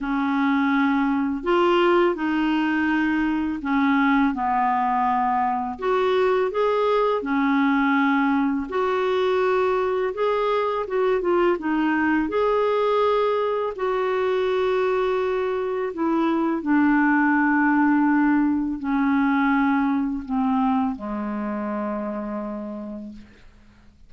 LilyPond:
\new Staff \with { instrumentName = "clarinet" } { \time 4/4 \tempo 4 = 83 cis'2 f'4 dis'4~ | dis'4 cis'4 b2 | fis'4 gis'4 cis'2 | fis'2 gis'4 fis'8 f'8 |
dis'4 gis'2 fis'4~ | fis'2 e'4 d'4~ | d'2 cis'2 | c'4 gis2. | }